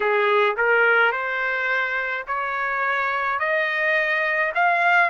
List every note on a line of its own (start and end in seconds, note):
0.00 0.56 G#4
0.57 1.12 A#4
1.12 2.25 C5
2.26 3.39 C#5
3.39 4.52 D#5
4.54 5.09 F5